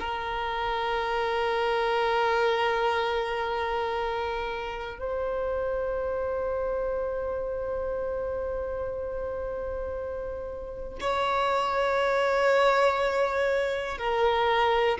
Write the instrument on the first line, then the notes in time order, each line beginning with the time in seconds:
violin
0.00 A#4
4.99 C5
11.00 C#5
13.98 A#4